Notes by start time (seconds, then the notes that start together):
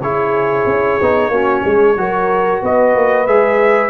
0.00 C#3 E4 G#4 C#5
0.65 C#4
1.01 B3 D#4
1.29 A#3 C#4 F#4
1.64 G#3 G#4
1.96 F#3 F#4 A#4
2.62 B3 B4 D#5
2.95 A#3
3.27 G#3 G#4 E5